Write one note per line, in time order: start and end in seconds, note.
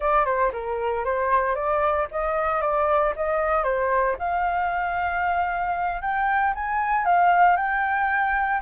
0.00 0.25 D5
0.25 0.51 C5
0.52 1.04 A#4
1.04 1.55 C5
1.55 2.07 D5
2.11 2.61 D#5
2.61 3.13 D5
3.16 3.63 D#5
3.63 4.15 C5
4.19 6.01 F5
6.01 6.53 G5
6.55 7.05 G#5
7.05 7.56 F5
7.56 8.60 G5